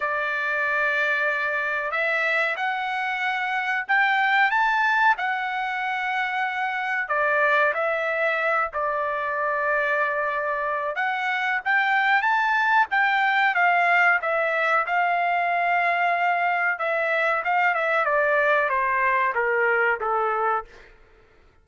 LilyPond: \new Staff \with { instrumentName = "trumpet" } { \time 4/4 \tempo 4 = 93 d''2. e''4 | fis''2 g''4 a''4 | fis''2. d''4 | e''4. d''2~ d''8~ |
d''4 fis''4 g''4 a''4 | g''4 f''4 e''4 f''4~ | f''2 e''4 f''8 e''8 | d''4 c''4 ais'4 a'4 | }